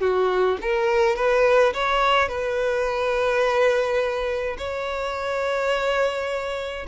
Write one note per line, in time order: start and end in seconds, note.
0.00 0.57 F#4
0.61 1.16 A#4
1.16 1.73 B4
1.73 2.28 C#5
2.28 4.56 B4
4.57 6.86 C#5